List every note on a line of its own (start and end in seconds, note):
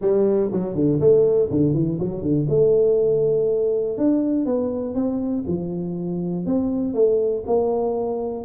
0.01 0.50 G3
0.51 0.74 F#3
0.74 0.99 D3
0.99 1.49 A3
1.50 1.73 D3
1.73 1.98 E3
1.99 2.22 F#3
2.22 2.47 D3
2.49 3.97 A3
3.97 4.45 D4
4.45 4.94 B3
4.94 5.44 C4
5.47 6.46 F3
6.46 6.94 C4
6.94 7.43 A3
7.46 8.44 A#3